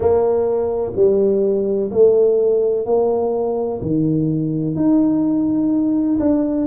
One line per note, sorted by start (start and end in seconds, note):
0.00 0.93 A#3
0.95 1.90 G3
1.91 2.85 A3
2.85 3.81 A#3
3.81 4.75 D#3
4.75 6.18 D#4
6.19 6.66 D4